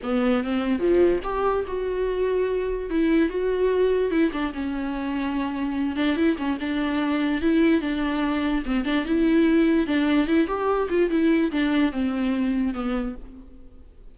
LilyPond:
\new Staff \with { instrumentName = "viola" } { \time 4/4 \tempo 4 = 146 b4 c'4 f4 g'4 | fis'2. e'4 | fis'2 e'8 d'8 cis'4~ | cis'2~ cis'8 d'8 e'8 cis'8 |
d'2 e'4 d'4~ | d'4 c'8 d'8 e'2 | d'4 e'8 g'4 f'8 e'4 | d'4 c'2 b4 | }